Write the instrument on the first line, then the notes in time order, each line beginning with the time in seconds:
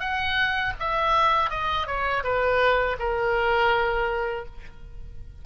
oboe
0.00 F#5
0.80 E5
1.50 D#5
1.87 C#5
2.24 B4
3.00 A#4